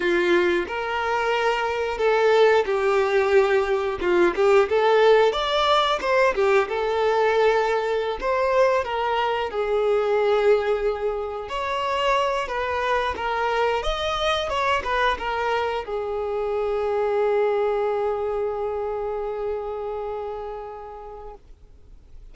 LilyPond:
\new Staff \with { instrumentName = "violin" } { \time 4/4 \tempo 4 = 90 f'4 ais'2 a'4 | g'2 f'8 g'8 a'4 | d''4 c''8 g'8 a'2~ | a'16 c''4 ais'4 gis'4.~ gis'16~ |
gis'4~ gis'16 cis''4. b'4 ais'16~ | ais'8. dis''4 cis''8 b'8 ais'4 gis'16~ | gis'1~ | gis'1 | }